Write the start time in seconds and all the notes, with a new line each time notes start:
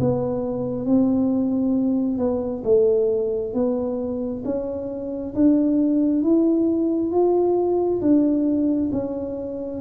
0.00 B3
0.86 C4
2.18 B3
2.64 A3
3.54 B3
4.45 C#4
5.35 D4
6.23 E4
7.12 F4
8.01 D4
8.92 C#4